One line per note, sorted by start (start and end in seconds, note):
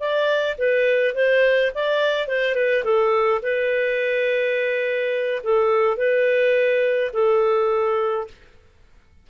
0.00 0.57 D5
0.58 1.15 B4
1.15 1.72 C5
1.75 2.28 D5
2.28 2.55 C5
2.55 2.84 B4
2.85 3.42 A4
3.43 5.43 B4
5.44 5.97 A4
5.97 7.12 B4
7.14 8.28 A4